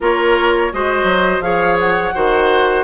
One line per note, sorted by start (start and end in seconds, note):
0.00 0.72 A#3
0.00 0.72 F4
0.00 0.72 A#4
0.00 0.73 C#5
0.72 1.03 G#3
0.72 1.42 F#4
0.72 1.44 C5
0.72 1.41 D#5
1.03 1.39 F#3
1.40 2.12 F3
1.40 2.13 G#4
1.40 2.14 C#5
1.40 1.77 F5
1.79 2.84 F#5
2.13 2.84 D#3
2.13 2.84 F#4
2.13 2.84 C5